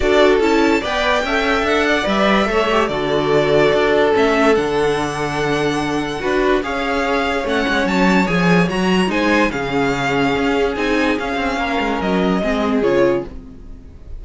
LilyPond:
<<
  \new Staff \with { instrumentName = "violin" } { \time 4/4 \tempo 4 = 145 d''4 a''4 g''2 | fis''4 e''2 d''4~ | d''2 e''4 fis''4~ | fis''1 |
f''2 fis''4 a''4 | gis''4 ais''4 gis''4 f''4~ | f''2 gis''4 f''4~ | f''4 dis''2 cis''4 | }
  \new Staff \with { instrumentName = "violin" } { \time 4/4 a'2 d''4 e''4~ | e''8 d''4. cis''4 a'4~ | a'1~ | a'2. b'4 |
cis''1~ | cis''2 c''4 gis'4~ | gis'1 | ais'2 gis'2 | }
  \new Staff \with { instrumentName = "viola" } { \time 4/4 fis'4 e'4 b'4 a'4~ | a'4 b'4 a'8 g'8 fis'4~ | fis'2 cis'4 d'4~ | d'2. fis'4 |
gis'2 cis'2 | gis'4 fis'4 dis'4 cis'4~ | cis'2 dis'4 cis'4~ | cis'2 c'4 f'4 | }
  \new Staff \with { instrumentName = "cello" } { \time 4/4 d'4 cis'4 b4 cis'4 | d'4 g4 a4 d4~ | d4 d'4 a4 d4~ | d2. d'4 |
cis'2 a8 gis8 fis4 | f4 fis4 gis4 cis4~ | cis4 cis'4 c'4 cis'8 c'8 | ais8 gis8 fis4 gis4 cis4 | }
>>